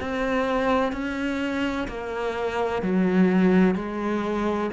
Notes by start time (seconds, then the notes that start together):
0.00 C4
0.92 C#4
1.87 A#3
2.82 F#3
3.74 G#3